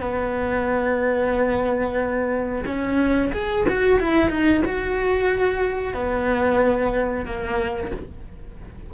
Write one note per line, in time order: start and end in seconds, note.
0.00 2.64 B3
2.66 3.31 C#4
3.32 3.65 G#4
3.68 3.99 F#4
3.99 4.29 E4
4.29 4.62 D#4
4.65 5.94 F#4
5.94 7.25 B3
7.25 7.91 A#3